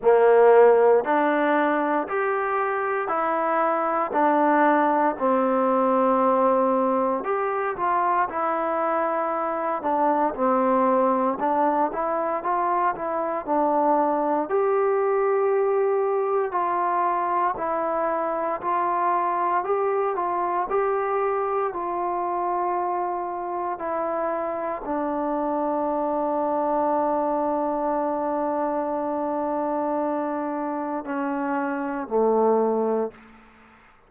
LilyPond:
\new Staff \with { instrumentName = "trombone" } { \time 4/4 \tempo 4 = 58 ais4 d'4 g'4 e'4 | d'4 c'2 g'8 f'8 | e'4. d'8 c'4 d'8 e'8 | f'8 e'8 d'4 g'2 |
f'4 e'4 f'4 g'8 f'8 | g'4 f'2 e'4 | d'1~ | d'2 cis'4 a4 | }